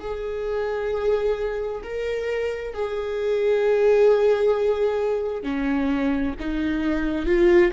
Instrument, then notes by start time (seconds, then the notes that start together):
viola
0.00 G#4
1.83 A#4
2.74 G#4
5.43 C#4
6.40 D#4
7.26 F4